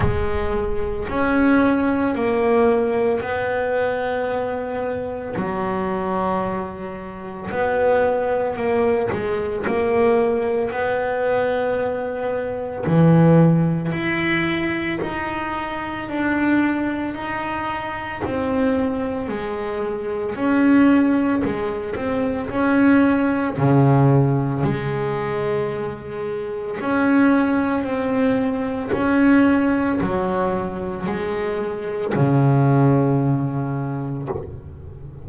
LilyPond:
\new Staff \with { instrumentName = "double bass" } { \time 4/4 \tempo 4 = 56 gis4 cis'4 ais4 b4~ | b4 fis2 b4 | ais8 gis8 ais4 b2 | e4 e'4 dis'4 d'4 |
dis'4 c'4 gis4 cis'4 | gis8 c'8 cis'4 cis4 gis4~ | gis4 cis'4 c'4 cis'4 | fis4 gis4 cis2 | }